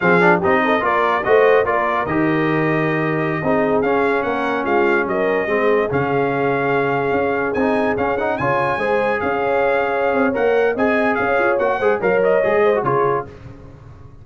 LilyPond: <<
  \new Staff \with { instrumentName = "trumpet" } { \time 4/4 \tempo 4 = 145 f''4 dis''4 d''4 dis''4 | d''4 dis''2.~ | dis''4~ dis''16 f''4 fis''4 f''8.~ | f''16 dis''2 f''4.~ f''16~ |
f''2~ f''16 gis''4 f''8 fis''16~ | fis''16 gis''2 f''4.~ f''16~ | f''4 fis''4 gis''4 f''4 | fis''4 f''8 dis''4. cis''4 | }
  \new Staff \with { instrumentName = "horn" } { \time 4/4 gis'4 g'8 a'8 ais'4 c''4 | ais'1~ | ais'16 gis'2 ais'4 f'8.~ | f'16 ais'4 gis'2~ gis'8.~ |
gis'1~ | gis'16 cis''4 c''4 cis''4.~ cis''16~ | cis''2 dis''4 cis''4~ | cis''8 c''8 cis''4. c''8 gis'4 | }
  \new Staff \with { instrumentName = "trombone" } { \time 4/4 c'8 d'8 dis'4 f'4 fis'4 | f'4 g'2.~ | g'16 dis'4 cis'2~ cis'8.~ | cis'4~ cis'16 c'4 cis'4.~ cis'16~ |
cis'2~ cis'16 dis'4 cis'8 dis'16~ | dis'16 f'4 gis'2~ gis'8.~ | gis'4 ais'4 gis'2 | fis'8 gis'8 ais'4 gis'8. fis'16 f'4 | }
  \new Staff \with { instrumentName = "tuba" } { \time 4/4 f4 c'4 ais4 a4 | ais4 dis2.~ | dis16 c'4 cis'4 ais4 gis8.~ | gis16 fis4 gis4 cis4.~ cis16~ |
cis4~ cis16 cis'4 c'4 cis'8.~ | cis'16 cis4 gis4 cis'4.~ cis'16~ | cis'8 c'8 ais4 c'4 cis'8 f'8 | ais8 gis8 fis4 gis4 cis4 | }
>>